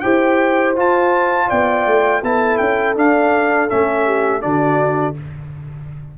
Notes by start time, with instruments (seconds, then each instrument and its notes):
0.00 tuba E4, trombone G4, horn C5, trumpet G5
0.76 trombone F4, tuba F4, trumpet A5
1.49 tuba B3, horn D5, trumpet G5
1.86 tuba A3
2.23 tuba B3, trombone E4, horn A4, trumpet A5
2.58 tuba C#4, trumpet G5
2.96 trombone D4, tuba D4, trumpet F5
3.69 tuba A3, trombone C#4, trumpet E5
4.05 horn G4
4.41 tuba D3, trombone D4, horn F#4, trumpet D5